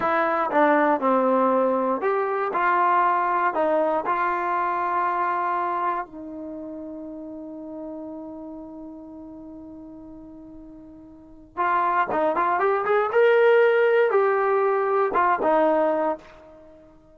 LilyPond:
\new Staff \with { instrumentName = "trombone" } { \time 4/4 \tempo 4 = 119 e'4 d'4 c'2 | g'4 f'2 dis'4 | f'1 | dis'1~ |
dis'1~ | dis'2. f'4 | dis'8 f'8 g'8 gis'8 ais'2 | g'2 f'8 dis'4. | }